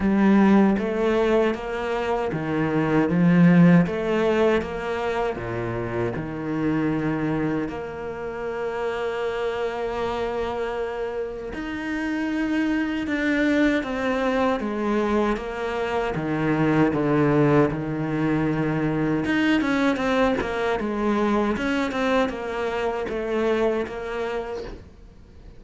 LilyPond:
\new Staff \with { instrumentName = "cello" } { \time 4/4 \tempo 4 = 78 g4 a4 ais4 dis4 | f4 a4 ais4 ais,4 | dis2 ais2~ | ais2. dis'4~ |
dis'4 d'4 c'4 gis4 | ais4 dis4 d4 dis4~ | dis4 dis'8 cis'8 c'8 ais8 gis4 | cis'8 c'8 ais4 a4 ais4 | }